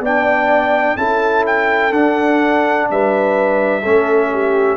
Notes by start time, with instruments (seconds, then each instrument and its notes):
0.00 tuba B3, trombone D4, horn D5, trumpet G5
0.97 tuba C#4, trombone E4, horn A4, trumpet A5
1.46 trumpet G5
1.91 tuba D4, trombone D4, trumpet F#5
2.90 tuba G3, horn B4, trumpet E5
3.82 tuba A3, trombone C#4, horn A4
4.33 horn G4